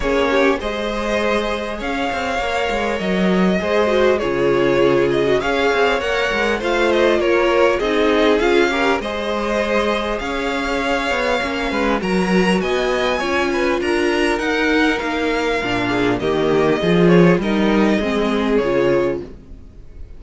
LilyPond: <<
  \new Staff \with { instrumentName = "violin" } { \time 4/4 \tempo 4 = 100 cis''4 dis''2 f''4~ | f''4 dis''2 cis''4~ | cis''8 dis''8 f''4 fis''4 f''8 dis''8 | cis''4 dis''4 f''4 dis''4~ |
dis''4 f''2. | ais''4 gis''2 ais''4 | fis''4 f''2 dis''4~ | dis''8 cis''8 dis''2 cis''4 | }
  \new Staff \with { instrumentName = "violin" } { \time 4/4 gis'8 g'8 c''2 cis''4~ | cis''2 c''4 gis'4~ | gis'4 cis''2 c''4 | ais'4 gis'4. ais'8 c''4~ |
c''4 cis''2~ cis''8 b'8 | ais'4 dis''4 cis''8 b'8 ais'4~ | ais'2~ ais'8 gis'8 g'4 | gis'4 ais'4 gis'2 | }
  \new Staff \with { instrumentName = "viola" } { \time 4/4 cis'4 gis'2. | ais'2 gis'8 fis'8 f'4~ | f'8. fis'16 gis'4 ais'4 f'4~ | f'4 dis'4 f'8 g'8 gis'4~ |
gis'2. cis'4 | fis'2 f'2 | dis'2 d'4 ais4 | f'4 dis'4 c'4 f'4 | }
  \new Staff \with { instrumentName = "cello" } { \time 4/4 ais4 gis2 cis'8 c'8 | ais8 gis8 fis4 gis4 cis4~ | cis4 cis'8 c'8 ais8 gis8 a4 | ais4 c'4 cis'4 gis4~ |
gis4 cis'4. b8 ais8 gis8 | fis4 b4 cis'4 d'4 | dis'4 ais4 ais,4 dis4 | f4 g4 gis4 cis4 | }
>>